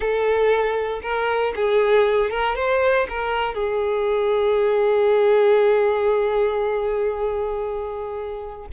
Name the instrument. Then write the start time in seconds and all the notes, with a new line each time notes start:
violin
0.00 A4
1.02 A#4
1.55 G#4
2.30 A#4
2.55 C5
3.09 A#4
3.54 G#4